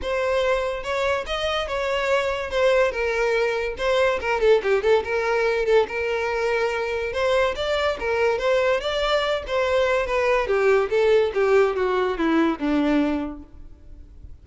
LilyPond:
\new Staff \with { instrumentName = "violin" } { \time 4/4 \tempo 4 = 143 c''2 cis''4 dis''4 | cis''2 c''4 ais'4~ | ais'4 c''4 ais'8 a'8 g'8 a'8 | ais'4. a'8 ais'2~ |
ais'4 c''4 d''4 ais'4 | c''4 d''4. c''4. | b'4 g'4 a'4 g'4 | fis'4 e'4 d'2 | }